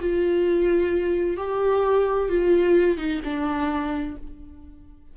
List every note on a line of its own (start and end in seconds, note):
0.00 1.37 F4
1.37 2.29 G4
2.29 2.97 F4
2.97 3.21 D#4
3.24 4.17 D4